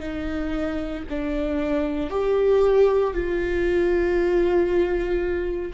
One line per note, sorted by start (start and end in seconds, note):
0.00 1.03 D#4
1.10 2.11 D4
2.11 3.14 G4
3.14 5.73 F4